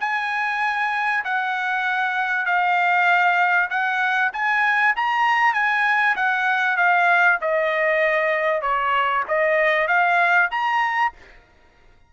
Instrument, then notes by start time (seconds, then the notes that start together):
trumpet
0.00 G#5
1.24 F#5
2.45 F5
3.70 F#5
4.33 G#5
4.96 A#5
5.54 G#5
6.16 F#5
6.77 F5
7.41 D#5
8.61 C#5
9.28 D#5
9.87 F5
10.51 A#5